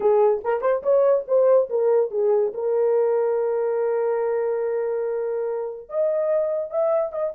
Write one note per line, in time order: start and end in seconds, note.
0.00 0.42 G#4
0.43 0.61 A#4
0.61 0.82 C5
0.82 1.24 C#5
1.27 1.69 C5
1.69 2.10 A#4
2.10 2.52 G#4
2.53 5.89 A#4
5.89 6.70 D#5
6.70 7.12 E5
7.12 7.33 D#5